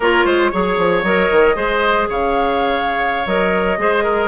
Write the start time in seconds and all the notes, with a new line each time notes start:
0.00 A#3 F4 A#4 C#5
0.25 G#3 C5
0.51 F#3 G#4 C#5
0.77 F3
1.03 F#3 A#4 D#5
1.31 D#3
1.55 G#3 G#4 C5
2.09 C#3 C#5 F5
3.26 F#3 A#4 D#5
3.77 G#3 G#4 C5
4.03 A#4